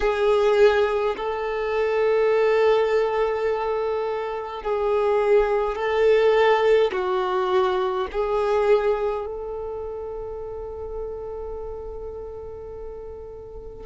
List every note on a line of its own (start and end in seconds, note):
0.00 1.15 G#4
1.16 4.63 A4
4.63 5.75 G#4
5.75 6.91 A4
6.92 8.07 F#4
8.11 9.26 G#4
9.26 13.85 A4